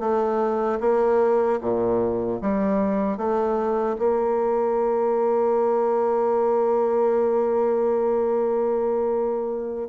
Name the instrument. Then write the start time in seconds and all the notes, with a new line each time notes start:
bassoon
0.00 A3
0.80 A#3
1.61 A#2
2.42 G3
3.18 A3
3.99 A#3